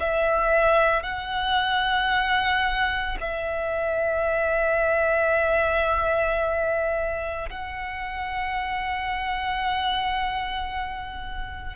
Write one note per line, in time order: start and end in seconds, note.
0.00 1.03 E5
1.03 3.17 F#5
3.20 7.49 E5
7.50 11.76 F#5